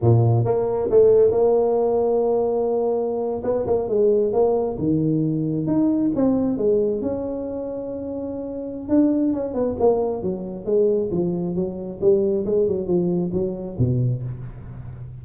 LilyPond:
\new Staff \with { instrumentName = "tuba" } { \time 4/4 \tempo 4 = 135 ais,4 ais4 a4 ais4~ | ais2.~ ais8. b16~ | b16 ais8 gis4 ais4 dis4~ dis16~ | dis8. dis'4 c'4 gis4 cis'16~ |
cis'1 | d'4 cis'8 b8 ais4 fis4 | gis4 f4 fis4 g4 | gis8 fis8 f4 fis4 b,4 | }